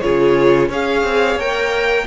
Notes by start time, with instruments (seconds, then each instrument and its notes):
0.00 cello C#3, viola F4, violin G#4 C#5
0.68 cello C#4, viola G#4, violin C#5 F5
1.03 cello C4
1.35 cello A#3, viola A#4, violin G5